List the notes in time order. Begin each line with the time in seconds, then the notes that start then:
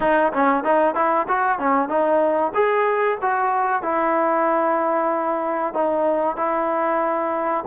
0.00 D#4
0.32 C#4
0.64 D#4
0.94 E4
1.28 F#4
1.58 C#4
1.88 D#4
2.54 G#4
3.21 F#4
3.82 E4
5.73 D#4
6.36 E4